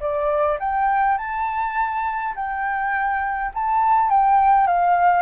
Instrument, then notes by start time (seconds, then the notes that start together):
flute
0.00 D5
0.59 G5
1.18 A5
2.35 G5
3.54 A5
4.09 G5
4.67 F5